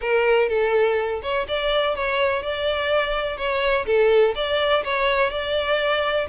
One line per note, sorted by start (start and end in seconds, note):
0.01 0.48 A#4
0.48 1.21 A4
1.22 1.46 C#5
1.48 1.95 D5
1.95 2.42 C#5
2.42 3.37 D5
3.37 3.85 C#5
3.86 4.34 A4
4.35 4.83 D5
4.84 5.30 C#5
5.30 6.27 D5